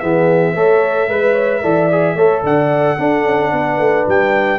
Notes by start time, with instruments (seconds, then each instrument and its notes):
0.00 tuba E3, trombone B3, horn G#4, trumpet E5
0.55 tuba A3, trombone A4, horn C#5
1.09 tuba G#3, trombone B4, horn B4
1.32 horn C#5
1.63 tuba E3, trombone A4, horn D5
1.92 trombone G#4
2.15 tuba A3, trombone A4, horn C#5
2.43 tuba D3, horn D5, trumpet F#5
2.99 trombone D4, tuba D4, horn A4
3.25 tuba C#4
3.52 tuba B3, horn B4
3.79 tuba A3
4.08 tuba G3, trumpet G5